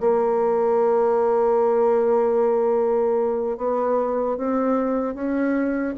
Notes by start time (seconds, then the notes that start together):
0.00 A#3
3.57 B3
4.37 C4
5.14 C#4